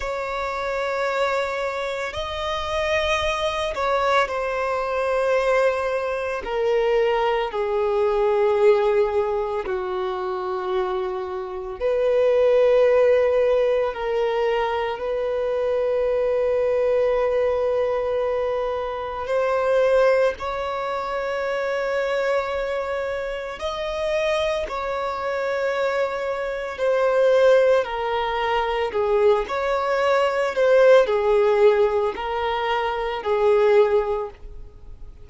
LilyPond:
\new Staff \with { instrumentName = "violin" } { \time 4/4 \tempo 4 = 56 cis''2 dis''4. cis''8 | c''2 ais'4 gis'4~ | gis'4 fis'2 b'4~ | b'4 ais'4 b'2~ |
b'2 c''4 cis''4~ | cis''2 dis''4 cis''4~ | cis''4 c''4 ais'4 gis'8 cis''8~ | cis''8 c''8 gis'4 ais'4 gis'4 | }